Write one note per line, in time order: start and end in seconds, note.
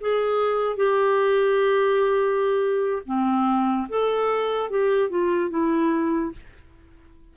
0.00 0.76 G#4
0.76 3.02 G4
3.06 3.88 C4
3.89 4.70 A4
4.70 5.09 G4
5.09 5.50 F4
5.50 6.32 E4